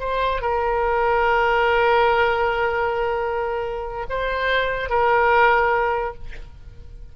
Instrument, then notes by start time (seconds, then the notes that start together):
oboe
0.00 C5
0.42 A#4
4.10 C5
4.90 A#4